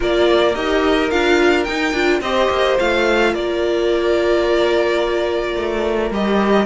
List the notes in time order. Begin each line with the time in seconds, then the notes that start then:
0.00 A#3 F4 A#4 D5
0.54 D#4 G4 D#5
1.10 D4 F4 F5
1.64 D#4 G5
1.92 D4 F4
2.20 C4 G4 C5 D#5
2.50 A#3
2.78 A3 F4 F5
3.32 A#3 A#4 D5
5.56 A3
6.10 G3 G4 D#5